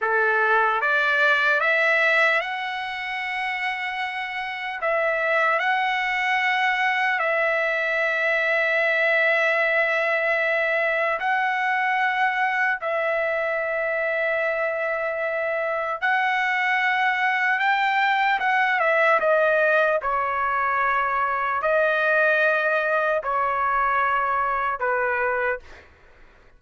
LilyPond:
\new Staff \with { instrumentName = "trumpet" } { \time 4/4 \tempo 4 = 75 a'4 d''4 e''4 fis''4~ | fis''2 e''4 fis''4~ | fis''4 e''2.~ | e''2 fis''2 |
e''1 | fis''2 g''4 fis''8 e''8 | dis''4 cis''2 dis''4~ | dis''4 cis''2 b'4 | }